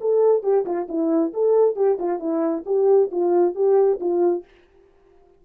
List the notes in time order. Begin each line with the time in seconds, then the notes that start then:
0.00 A4
0.42 G4
0.65 F4
0.88 E4
1.33 A4
1.75 G4
1.99 F4
2.19 E4
2.65 G4
3.11 F4
3.55 G4
4.00 F4